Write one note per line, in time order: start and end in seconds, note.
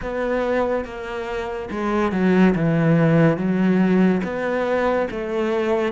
0.02 0.85 B3
0.85 1.69 A#3
1.70 2.12 G#3
2.12 2.54 F#3
2.55 3.37 E3
3.37 4.21 F#3
4.23 5.08 B3
5.10 5.92 A3